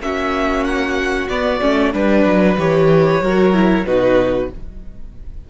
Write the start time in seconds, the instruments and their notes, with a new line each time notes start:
0.00 cello A#3, viola C#4, violin F#4 E5
0.64 violin F#5
1.28 cello B3, viola B3, violin D5
1.61 cello A3, viola C#4
1.93 cello G3, viola D4, violin B4
2.25 cello F#3
2.57 cello E3, viola G4, violin C#5
3.20 cello F#3, viola F#4, violin A#4
3.53 viola E4
3.86 cello B2, viola D#4, violin F#4 B4